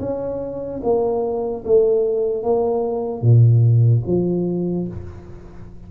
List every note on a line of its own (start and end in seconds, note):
0.00 0.81 C#4
0.83 1.64 A#3
1.65 2.44 A3
2.44 3.22 A#3
3.22 4.03 A#2
4.07 4.88 F3